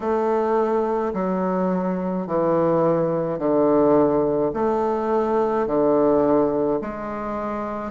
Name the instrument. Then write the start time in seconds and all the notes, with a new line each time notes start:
bassoon
0.00 A3
1.13 F#3
2.26 E3
3.39 D3
4.53 A3
5.66 D3
6.81 G#3